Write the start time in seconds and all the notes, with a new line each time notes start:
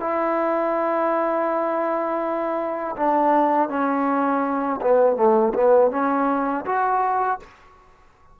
0.00 E4
2.97 D4
3.69 C#4
4.82 B3
5.16 A3
5.54 B3
5.91 C#4
6.66 F#4